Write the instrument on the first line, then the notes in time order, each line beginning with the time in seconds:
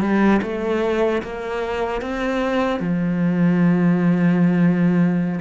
cello
0.00 G3
0.42 A3
1.22 A#3
2.01 C4
2.80 F3